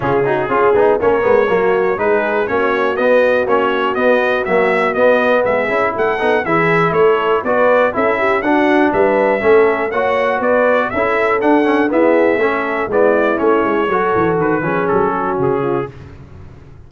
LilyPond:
<<
  \new Staff \with { instrumentName = "trumpet" } { \time 4/4 \tempo 4 = 121 gis'2 cis''2 | b'4 cis''4 dis''4 cis''4 | dis''4 e''4 dis''4 e''4 | fis''4 e''4 cis''4 d''4 |
e''4 fis''4 e''2 | fis''4 d''4 e''4 fis''4 | e''2 d''4 cis''4~ | cis''4 b'4 a'4 gis'4 | }
  \new Staff \with { instrumentName = "horn" } { \time 4/4 f'8 fis'8 gis'4 ais'4 fis'4 | gis'4 fis'2.~ | fis'2. gis'4 | a'4 gis'4 a'4 b'4 |
a'8 g'8 fis'4 b'4 a'4 | cis''4 b'4 a'2 | gis'4 a'4 e'2 | a'4. gis'4 fis'4 f'8 | }
  \new Staff \with { instrumentName = "trombone" } { \time 4/4 cis'8 dis'8 f'8 dis'8 cis'8 b8 ais4 | dis'4 cis'4 b4 cis'4 | b4 fis4 b4. e'8~ | e'8 dis'8 e'2 fis'4 |
e'4 d'2 cis'4 | fis'2 e'4 d'8 cis'8 | b4 cis'4 b4 cis'4 | fis'4. cis'2~ cis'8 | }
  \new Staff \with { instrumentName = "tuba" } { \time 4/4 cis4 cis'8 b8 ais8 gis8 fis4 | gis4 ais4 b4 ais4 | b4 ais4 b4 gis8 cis'8 | a8 b8 e4 a4 b4 |
cis'4 d'4 g4 a4 | ais4 b4 cis'4 d'4 | e'4 a4 gis4 a8 gis8 | fis8 e8 dis8 f8 fis4 cis4 | }
>>